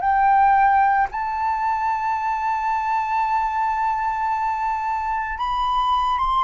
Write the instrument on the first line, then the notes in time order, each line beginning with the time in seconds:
flute
0.00 G5
1.11 A5
5.38 B5
6.18 C6